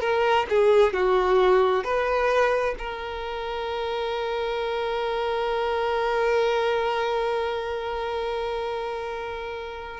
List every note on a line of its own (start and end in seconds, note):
0.00 0.45 A#4
0.49 0.93 G#4
0.93 1.84 F#4
1.84 2.75 B4
2.78 10.00 A#4